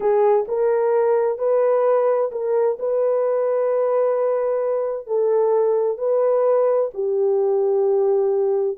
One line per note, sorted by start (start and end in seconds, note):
0.00 0.46 G#4
0.47 1.38 A#4
1.38 2.30 B4
2.31 2.77 A#4
2.79 5.06 B4
5.06 5.97 A4
5.97 6.90 B4
6.94 8.77 G4